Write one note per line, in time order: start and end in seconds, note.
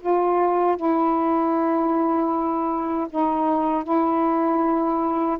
0.00 0.77 F4
0.77 3.07 E4
3.10 3.84 D#4
3.84 5.38 E4